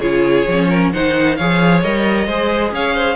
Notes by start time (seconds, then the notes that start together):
0.00 C#3 F4 G#4 C#5
0.48 F3 C#4
0.69 A#4
0.93 D#3 D#4 C5 F#5
1.36 F3 G#4 C#5 F5
1.82 G3 A#4 D#5
2.27 G#3 G#4 C5
2.71 C#4 C#5 F5
2.94 C5